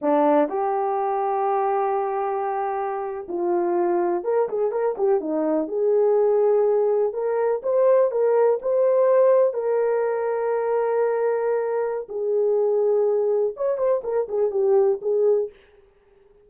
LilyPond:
\new Staff \with { instrumentName = "horn" } { \time 4/4 \tempo 4 = 124 d'4 g'2.~ | g'2~ g'8. f'4~ f'16~ | f'8. ais'8 gis'8 ais'8 g'8 dis'4 gis'16~ | gis'2~ gis'8. ais'4 c''16~ |
c''8. ais'4 c''2 ais'16~ | ais'1~ | ais'4 gis'2. | cis''8 c''8 ais'8 gis'8 g'4 gis'4 | }